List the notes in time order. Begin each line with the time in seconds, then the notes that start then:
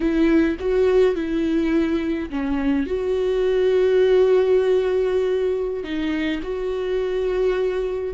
0.00 E4
0.59 F#4
1.15 E4
2.29 C#4
2.86 F#4
5.83 D#4
6.43 F#4